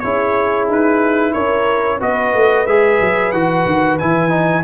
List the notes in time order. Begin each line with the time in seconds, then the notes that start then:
0.00 C#4 E4 G#4 C#5
0.69 D#4 B4
1.33 C#4 A#4 C#5
1.98 B3 F#4 B4 D#5
2.34 A3
2.67 G#3 G#4 E5
3.00 F#3
3.32 E3 F#4 F#5
3.66 D#3
3.99 E3 E4 G#5
4.30 D#4